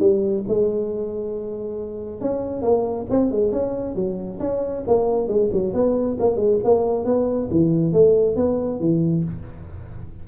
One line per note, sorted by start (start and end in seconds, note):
0.00 0.44 G3
0.49 2.21 G#3
2.21 2.62 C#4
2.62 3.06 A#3
3.10 3.32 C4
3.32 3.53 G#3
3.53 3.95 C#4
3.95 4.40 F#3
4.40 4.84 C#4
4.88 5.28 A#3
5.28 5.50 G#3
5.53 5.74 F#3
5.74 6.18 B3
6.20 6.37 A#3
6.37 6.59 G#3
6.64 7.05 A#3
7.05 7.49 B3
7.51 7.93 E3
7.93 8.36 A3
8.36 8.80 B3
8.80 9.24 E3